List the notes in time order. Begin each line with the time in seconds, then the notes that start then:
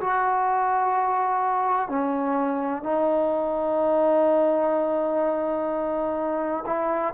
0.00 F#4
1.88 C#4
2.83 D#4
6.66 E4